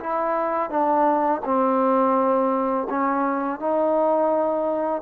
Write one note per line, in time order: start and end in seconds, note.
0.00 0.70 E4
0.70 1.42 D4
1.45 2.88 C4
2.90 3.60 C#4
3.60 5.02 D#4